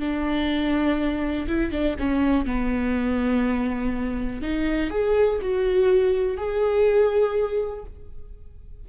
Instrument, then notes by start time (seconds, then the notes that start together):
viola
0.00 D4
1.48 E4
1.72 D4
1.99 C#4
2.46 B3
4.42 D#4
4.91 G#4
5.42 F#4
6.37 G#4